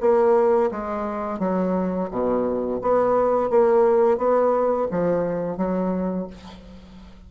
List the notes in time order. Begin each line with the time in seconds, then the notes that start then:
0.00 A#3
0.71 G#3
1.39 F#3
2.10 B2
2.81 B3
3.49 A#3
4.17 B3
4.90 F3
5.57 F#3